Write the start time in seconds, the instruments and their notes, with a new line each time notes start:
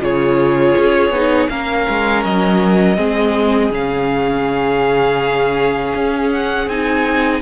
0.00 cello C#3, viola F4, violin G#4 C#5
0.78 cello C#4
1.10 cello B3, viola D#4
1.49 cello A#3, viola C#4, violin A#4 F5
1.89 cello G#3
2.24 cello F#3, violin D#5
2.96 cello G#3, viola C4, violin G#4
3.70 cello C#3, viola C#4, violin F5
5.95 cello C#4
6.32 violin F#5
6.67 cello C4, viola D#4, violin G#5